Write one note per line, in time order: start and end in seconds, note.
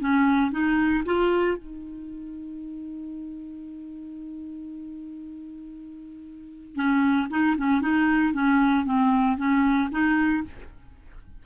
0.00 0.51 C#4
0.51 1.04 D#4
1.06 1.58 F4
1.58 6.76 D#4
6.76 7.28 C#4
7.30 7.56 D#4
7.58 7.81 C#4
7.81 8.34 D#4
8.34 8.86 C#4
8.86 9.37 C4
9.37 9.90 C#4
9.92 10.44 D#4